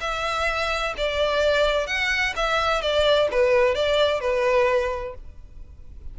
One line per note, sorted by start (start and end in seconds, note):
0.00 0.94 E5
0.97 1.86 D5
1.86 2.33 F#5
2.35 2.81 E5
2.81 3.28 D5
3.31 3.74 B4
3.74 4.20 D5
4.20 5.14 B4